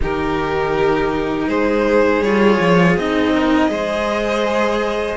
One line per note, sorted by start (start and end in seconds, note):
0.00 1.47 D#3
0.00 2.23 D#4
0.00 1.48 G4
0.00 1.48 A#4
1.47 2.21 G#3
1.47 3.33 G#4
1.47 2.22 C5
2.21 2.58 G3
2.21 2.98 F4
2.21 2.96 C#5
2.59 2.96 F3
2.96 3.69 C4
2.96 3.68 D#4
2.96 5.17 D#5
3.33 3.71 A#4
3.68 5.17 G#3
3.68 5.16 G#4
3.68 5.17 C5